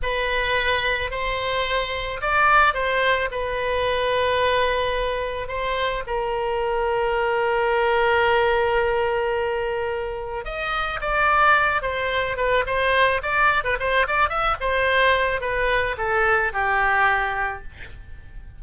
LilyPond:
\new Staff \with { instrumentName = "oboe" } { \time 4/4 \tempo 4 = 109 b'2 c''2 | d''4 c''4 b'2~ | b'2 c''4 ais'4~ | ais'1~ |
ais'2. dis''4 | d''4. c''4 b'8 c''4 | d''8. b'16 c''8 d''8 e''8 c''4. | b'4 a'4 g'2 | }